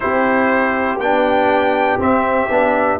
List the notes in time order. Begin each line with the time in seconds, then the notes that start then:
0.00 C4 E4 G4 C5
0.97 B3 D4 G5
1.98 C4 E5
2.49 B3 D4